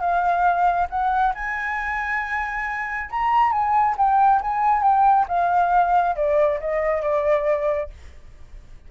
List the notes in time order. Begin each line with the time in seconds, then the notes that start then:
0.00 F5
0.90 F#5
1.35 G#5
3.10 A#5
3.52 G#5
3.97 G5
4.41 G#5
4.82 G5
5.28 F5
6.16 D5
6.60 D#5
7.02 D5